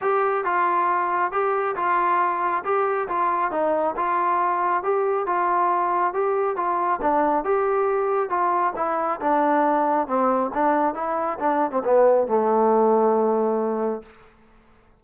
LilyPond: \new Staff \with { instrumentName = "trombone" } { \time 4/4 \tempo 4 = 137 g'4 f'2 g'4 | f'2 g'4 f'4 | dis'4 f'2 g'4 | f'2 g'4 f'4 |
d'4 g'2 f'4 | e'4 d'2 c'4 | d'4 e'4 d'8. c'16 b4 | a1 | }